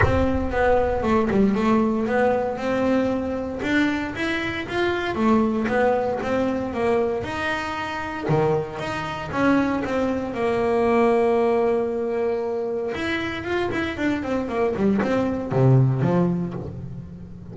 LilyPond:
\new Staff \with { instrumentName = "double bass" } { \time 4/4 \tempo 4 = 116 c'4 b4 a8 g8 a4 | b4 c'2 d'4 | e'4 f'4 a4 b4 | c'4 ais4 dis'2 |
dis4 dis'4 cis'4 c'4 | ais1~ | ais4 e'4 f'8 e'8 d'8 c'8 | ais8 g8 c'4 c4 f4 | }